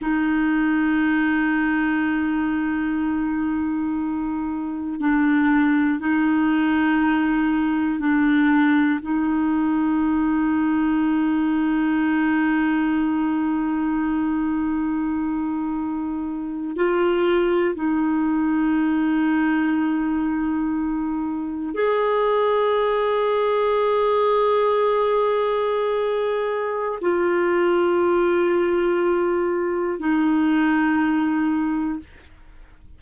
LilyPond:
\new Staff \with { instrumentName = "clarinet" } { \time 4/4 \tempo 4 = 60 dis'1~ | dis'4 d'4 dis'2 | d'4 dis'2.~ | dis'1~ |
dis'8. f'4 dis'2~ dis'16~ | dis'4.~ dis'16 gis'2~ gis'16~ | gis'2. f'4~ | f'2 dis'2 | }